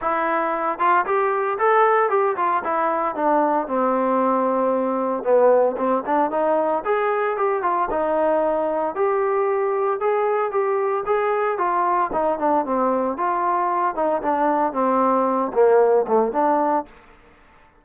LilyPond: \new Staff \with { instrumentName = "trombone" } { \time 4/4 \tempo 4 = 114 e'4. f'8 g'4 a'4 | g'8 f'8 e'4 d'4 c'4~ | c'2 b4 c'8 d'8 | dis'4 gis'4 g'8 f'8 dis'4~ |
dis'4 g'2 gis'4 | g'4 gis'4 f'4 dis'8 d'8 | c'4 f'4. dis'8 d'4 | c'4. ais4 a8 d'4 | }